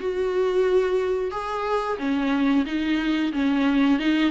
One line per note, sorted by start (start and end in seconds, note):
0.00 1.31 F#4
1.31 1.98 G#4
1.99 2.65 C#4
2.66 3.33 D#4
3.33 3.99 C#4
3.99 4.31 D#4